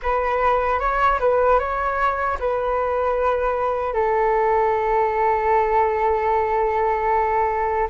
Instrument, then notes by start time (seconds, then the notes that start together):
flute
0.02 B4
0.79 C#5
1.19 B4
1.59 C#5
2.39 B4
3.93 A4